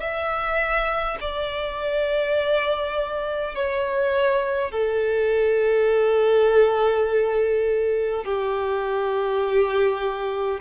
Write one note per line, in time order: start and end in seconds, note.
0.00 1.18 E5
1.21 3.55 D5
3.55 4.71 C#5
4.71 8.24 A4
8.25 10.60 G4